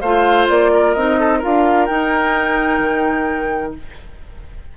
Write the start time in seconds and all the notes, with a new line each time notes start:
0.00 A3 F4 C5 F5
0.49 A#3 D5
0.73 A#4
0.94 C4 D#4 D#5
1.19 A4
1.38 F4 A#4 F5
1.45 D4
1.86 D#4 G5
2.79 D#3